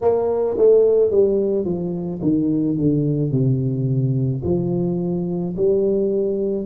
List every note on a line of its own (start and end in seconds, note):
0.01 0.57 A#3
0.57 1.11 A3
1.11 1.65 G3
1.65 2.20 F3
2.22 2.77 D#3
2.77 3.31 D3
3.31 4.42 C3
4.43 5.55 F3
5.56 6.66 G3